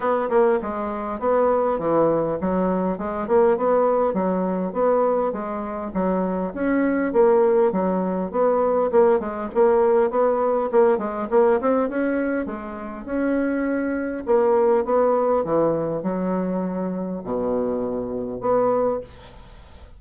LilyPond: \new Staff \with { instrumentName = "bassoon" } { \time 4/4 \tempo 4 = 101 b8 ais8 gis4 b4 e4 | fis4 gis8 ais8 b4 fis4 | b4 gis4 fis4 cis'4 | ais4 fis4 b4 ais8 gis8 |
ais4 b4 ais8 gis8 ais8 c'8 | cis'4 gis4 cis'2 | ais4 b4 e4 fis4~ | fis4 b,2 b4 | }